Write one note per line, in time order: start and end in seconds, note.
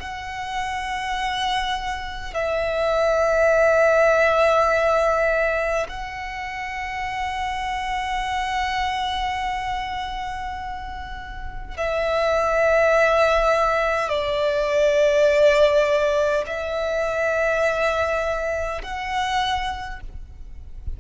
0.00 2.34 F#5
2.34 5.87 E5
5.89 11.78 F#5
11.78 14.09 E5
14.09 16.44 D5
16.47 18.82 E5
18.83 20.01 F#5